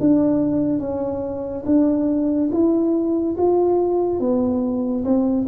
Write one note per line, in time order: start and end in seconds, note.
0.00 0.80 D4
0.80 1.64 C#4
1.66 2.50 D4
2.52 3.36 E4
3.38 4.20 F4
4.20 5.04 B3
5.05 5.47 C4